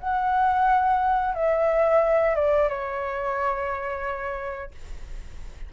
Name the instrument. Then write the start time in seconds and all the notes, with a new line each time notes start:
flute
0.00 F#5
1.35 E5
2.36 D5
2.69 C#5